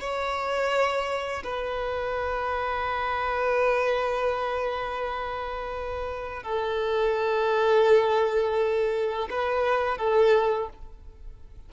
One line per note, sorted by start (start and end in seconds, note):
0.00 1.43 C#5
1.44 6.43 B4
6.43 9.28 A4
9.30 9.97 B4
9.97 10.69 A4